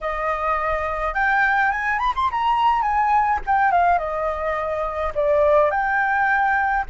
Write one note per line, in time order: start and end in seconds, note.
0.00 1.14 D#5
1.14 1.71 G5
1.71 1.98 G#5
1.98 2.13 B5
2.15 2.30 C6
2.31 2.82 A#5
2.82 3.39 G#5
3.46 3.71 G5
3.71 3.98 F5
3.98 5.12 D#5
5.14 5.70 D5
5.70 6.84 G5